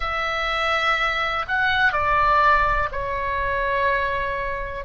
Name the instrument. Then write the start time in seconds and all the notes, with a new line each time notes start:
oboe
0.00 E5
1.48 F#5
1.92 D5
2.91 C#5